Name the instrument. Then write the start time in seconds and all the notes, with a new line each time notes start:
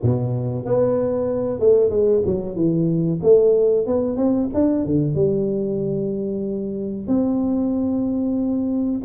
tuba
0.02 B2
0.65 B3
1.59 A3
1.90 G#3
2.25 F#3
2.55 E3
3.23 A3
3.86 B3
4.16 C4
4.54 D4
4.85 D3
5.14 G3
7.07 C4